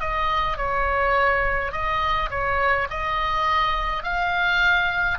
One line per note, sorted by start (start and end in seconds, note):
0.00 0.58 D#5
0.58 1.72 C#5
1.72 2.30 D#5
2.31 2.88 C#5
2.90 4.03 D#5
4.03 5.19 F5